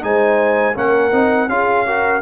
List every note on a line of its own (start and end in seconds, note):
0.00 0.76 G#3
0.00 0.73 D#4
0.00 0.75 C5
0.00 0.76 G#5
0.74 1.12 A#3
0.74 1.10 C#4
0.74 1.48 A#4
0.74 1.48 F#5
1.11 1.48 C4
1.11 1.48 D#4
1.48 2.21 C#4
1.48 1.85 F4
1.48 1.86 G#4
1.48 2.21 F5
1.86 2.21 F#4
1.86 2.21 A#4